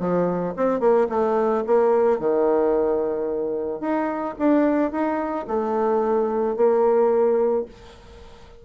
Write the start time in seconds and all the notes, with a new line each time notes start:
0.00 F3
0.57 C4
0.81 A#3
1.10 A3
1.67 A#3
2.20 D#3
3.81 D#4
4.40 D4
4.92 D#4
5.48 A3
6.57 A#3